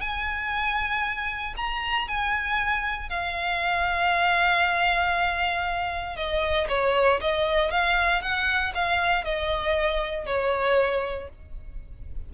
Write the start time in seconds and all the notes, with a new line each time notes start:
0.00 G#5
1.56 A#5
2.07 G#5
3.09 F5
6.16 D#5
6.69 C#5
7.21 D#5
7.71 F5
8.21 F#5
8.74 F5
9.24 D#5
10.26 C#5